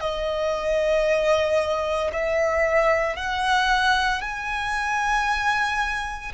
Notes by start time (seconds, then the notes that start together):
0.00 D#5
2.12 E5
3.16 F#5
4.22 G#5